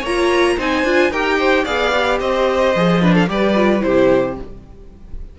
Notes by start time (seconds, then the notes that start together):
0.00 A#3 C#5 A#5
0.07 F4
0.58 C4 D#4 C5 G#5
0.84 D4 F4
1.11 D#4 G4 A#4 G5
1.38 C5
1.64 B3 G#4 D5 F5
1.95 G4
2.20 C4 C5 D#5
2.75 F3 G#4
3.01 D4 B4
3.14 A4 F5
3.27 G3 G4 B4 D5
3.55 F4
3.80 C3 E4 G4 C5